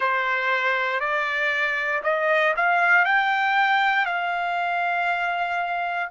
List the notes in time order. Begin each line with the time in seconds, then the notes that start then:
0.00 C5
1.00 D5
2.03 D#5
2.56 F5
3.05 G5
4.05 F5